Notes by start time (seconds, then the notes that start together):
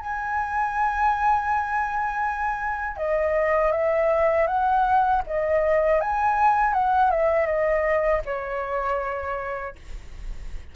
0.00 G#5
2.97 D#5
3.72 E5
4.47 F#5
5.27 D#5
6.01 G#5
6.74 F#5
7.11 E5
7.47 D#5
8.26 C#5